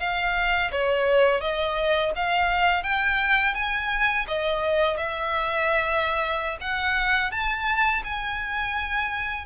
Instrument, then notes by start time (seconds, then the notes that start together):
violin
0.00 F5
0.72 C#5
1.41 D#5
2.16 F5
2.83 G5
3.55 G#5
4.28 D#5
4.97 E5
6.61 F#5
7.32 A5
8.04 G#5